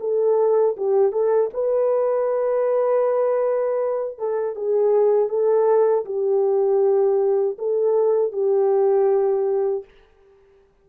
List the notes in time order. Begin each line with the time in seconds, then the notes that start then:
0.00 A4
0.77 G4
1.12 A4
1.54 B4
4.18 A4
4.56 G#4
5.29 A4
6.06 G4
7.59 A4
8.33 G4